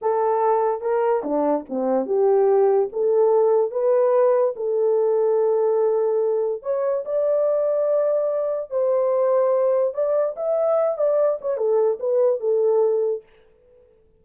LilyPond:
\new Staff \with { instrumentName = "horn" } { \time 4/4 \tempo 4 = 145 a'2 ais'4 d'4 | c'4 g'2 a'4~ | a'4 b'2 a'4~ | a'1 |
cis''4 d''2.~ | d''4 c''2. | d''4 e''4. d''4 cis''8 | a'4 b'4 a'2 | }